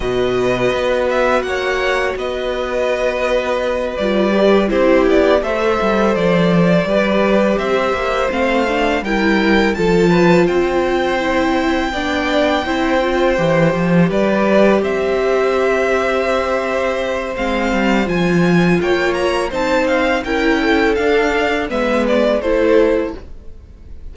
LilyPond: <<
  \new Staff \with { instrumentName = "violin" } { \time 4/4 \tempo 4 = 83 dis''4. e''8 fis''4 dis''4~ | dis''4. d''4 c''8 d''8 e''8~ | e''8 d''2 e''4 f''8~ | f''8 g''4 a''4 g''4.~ |
g''2.~ g''8 d''8~ | d''8 e''2.~ e''8 | f''4 gis''4 g''8 ais''8 a''8 f''8 | g''4 f''4 e''8 d''8 c''4 | }
  \new Staff \with { instrumentName = "violin" } { \time 4/4 b'2 cis''4 b'4~ | b'2~ b'8 g'4 c''8~ | c''4. b'4 c''4.~ | c''8 ais'4 a'8 b'8 c''4.~ |
c''8 d''4 c''2 b'8~ | b'8 c''2.~ c''8~ | c''2 cis''4 c''4 | ais'8 a'4. b'4 a'4 | }
  \new Staff \with { instrumentName = "viola" } { \time 4/4 fis'1~ | fis'4. f'8 g'8 e'4 a'8~ | a'4. g'2 c'8 | d'8 e'4 f'2 e'8~ |
e'8 d'4 e'8 f'8 g'4.~ | g'1 | c'4 f'2 dis'4 | e'4 d'4 b4 e'4 | }
  \new Staff \with { instrumentName = "cello" } { \time 4/4 b,4 b4 ais4 b4~ | b4. g4 c'8 b8 a8 | g8 f4 g4 c'8 ais8 a8~ | a8 g4 f4 c'4.~ |
c'8 b4 c'4 e8 f8 g8~ | g8 c'2.~ c'8 | gis8 g8 f4 ais4 c'4 | cis'4 d'4 gis4 a4 | }
>>